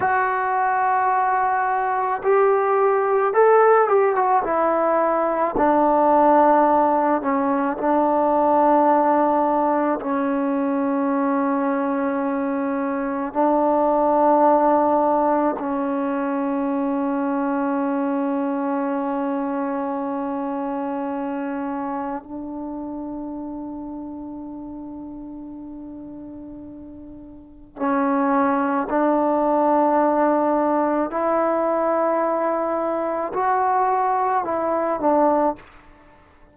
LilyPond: \new Staff \with { instrumentName = "trombone" } { \time 4/4 \tempo 4 = 54 fis'2 g'4 a'8 g'16 fis'16 | e'4 d'4. cis'8 d'4~ | d'4 cis'2. | d'2 cis'2~ |
cis'1 | d'1~ | d'4 cis'4 d'2 | e'2 fis'4 e'8 d'8 | }